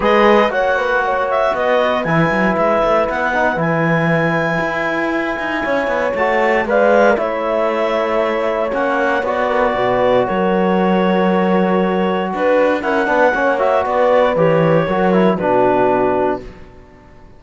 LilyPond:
<<
  \new Staff \with { instrumentName = "clarinet" } { \time 4/4 \tempo 4 = 117 dis''4 fis''4. e''8 dis''4 | gis''4 e''4 fis''4 gis''4~ | gis''1 | a''4 f''4 e''2~ |
e''4 fis''4 d''2 | cis''1 | b'4 fis''4. e''8 d''4 | cis''2 b'2 | }
  \new Staff \with { instrumentName = "horn" } { \time 4/4 b'4 cis''8 b'8 cis''4 b'4~ | b'1~ | b'2. cis''4~ | cis''4 d''4 cis''2~ |
cis''2~ cis''8 ais'8 b'4 | ais'1 | b'4 ais'8 b'8 cis''4 b'4~ | b'4 ais'4 fis'2 | }
  \new Staff \with { instrumentName = "trombone" } { \time 4/4 gis'4 fis'2. | e'2~ e'8 dis'8 e'4~ | e'1 | fis'4 b'4 e'2~ |
e'4 cis'4 fis'2~ | fis'1~ | fis'4 e'8 d'8 cis'8 fis'4. | g'4 fis'8 e'8 d'2 | }
  \new Staff \with { instrumentName = "cello" } { \time 4/4 gis4 ais2 b4 | e8 fis8 gis8 a8 b4 e4~ | e4 e'4. dis'8 cis'8 b8 | a4 gis4 a2~ |
a4 ais4 b4 b,4 | fis1 | d'4 cis'8 b8 ais4 b4 | e4 fis4 b,2 | }
>>